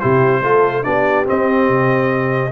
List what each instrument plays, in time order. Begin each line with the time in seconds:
0.00 tuba C3, trombone E4, horn G4, trumpet C5
0.41 tuba A3, trombone F4, horn A4
0.84 tuba B3, trombone D4, horn G4, trumpet D5
1.25 trombone C4, tuba C4, trumpet D#5
1.69 tuba C3